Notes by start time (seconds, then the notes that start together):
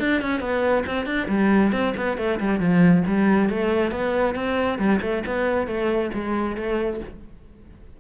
0.00 D4
0.21 C#4
0.40 B3
0.86 C4
1.06 D4
1.28 G3
1.72 C4
1.97 B3
2.17 A3
2.40 G3
2.60 F3
3.07 G3
3.49 A3
3.92 B3
4.35 C4
4.79 G3
5.01 A3
5.26 B3
5.67 A3
6.14 G#3
6.56 A3